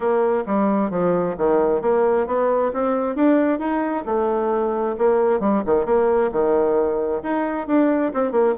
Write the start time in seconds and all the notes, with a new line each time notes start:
0.00 A#3
0.46 G3
0.90 F3
1.37 D#3
1.81 A#3
2.27 B3
2.73 C4
3.15 D4
3.59 D#4
4.05 A3
4.98 A#3
5.40 G3
5.65 D#3
5.85 A#3
6.32 D#3
7.22 D#4
7.67 D4
8.13 C4
8.31 A#3